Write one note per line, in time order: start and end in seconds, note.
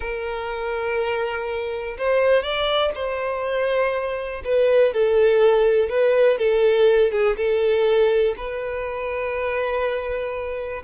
0.00 1.97 A#4
1.98 2.42 C5
2.42 2.92 D5
2.94 4.42 C5
4.44 4.93 B4
4.93 5.89 A4
5.89 6.38 B4
6.38 7.11 A4
7.11 7.36 G#4
7.36 8.35 A4
8.37 10.83 B4